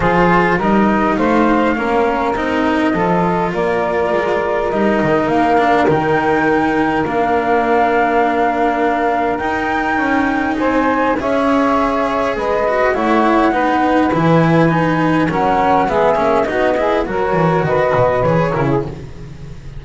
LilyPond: <<
  \new Staff \with { instrumentName = "flute" } { \time 4/4 \tempo 4 = 102 c''4 dis''4 f''2 | dis''2 d''2 | dis''4 f''4 g''2 | f''1 |
g''2 gis''4 e''4~ | e''4 dis''4 fis''2 | gis''2 fis''4 e''4 | dis''4 cis''4 dis''4 cis''4 | }
  \new Staff \with { instrumentName = "saxophone" } { \time 4/4 gis'4 ais'4 c''4 ais'4~ | ais'4 a'4 ais'2~ | ais'1~ | ais'1~ |
ais'2 c''4 cis''4~ | cis''4 b'4 cis''4 b'4~ | b'2 ais'4 gis'4 | fis'8 gis'8 ais'4 b'4. ais'16 gis'16 | }
  \new Staff \with { instrumentName = "cello" } { \time 4/4 f'4 dis'2 cis'4 | dis'4 f'2. | dis'4. d'8 dis'2 | d'1 |
dis'2. gis'4~ | gis'4. fis'8 e'4 dis'4 | e'4 dis'4 cis'4 b8 cis'8 | dis'8 e'8 fis'2 gis'8 e'8 | }
  \new Staff \with { instrumentName = "double bass" } { \time 4/4 f4 g4 a4 ais4 | c'4 f4 ais4 gis4 | g8 dis8 ais4 dis2 | ais1 |
dis'4 cis'4 c'4 cis'4~ | cis'4 gis4 a4 b4 | e2 fis4 gis8 ais8 | b4 fis8 e8 dis8 b,8 e8 cis8 | }
>>